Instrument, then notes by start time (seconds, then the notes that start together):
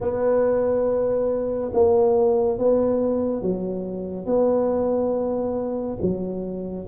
tuba
0.00 B3
1.73 A#3
2.58 B3
3.42 F#3
4.26 B3
6.01 F#3